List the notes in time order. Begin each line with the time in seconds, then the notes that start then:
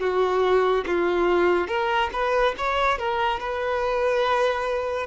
0.00 F#4
0.87 F4
1.68 A#4
2.13 B4
2.58 C#5
2.98 A#4
3.40 B4